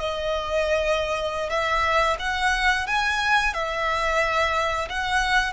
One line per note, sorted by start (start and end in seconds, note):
0.00 1.50 D#5
1.50 2.17 E5
2.20 2.87 F#5
2.87 3.54 G#5
3.54 4.89 E5
4.89 5.53 F#5